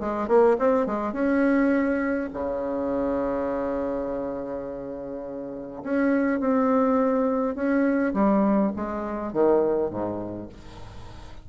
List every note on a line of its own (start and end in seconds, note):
0.00 0.28 G#3
0.28 0.57 A#3
0.59 0.87 C4
0.87 1.13 G#3
1.13 2.30 C#4
2.33 5.83 C#3
5.83 6.40 C#4
6.40 7.55 C4
7.55 8.13 C#4
8.14 8.72 G3
8.76 9.33 G#3
9.33 9.91 D#3
9.91 10.49 G#2